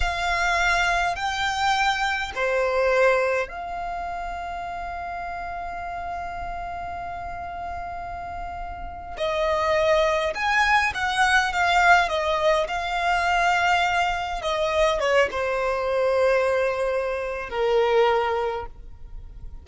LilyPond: \new Staff \with { instrumentName = "violin" } { \time 4/4 \tempo 4 = 103 f''2 g''2 | c''2 f''2~ | f''1~ | f''2.~ f''8. dis''16~ |
dis''4.~ dis''16 gis''4 fis''4 f''16~ | f''8. dis''4 f''2~ f''16~ | f''8. dis''4 cis''8 c''4.~ c''16~ | c''2 ais'2 | }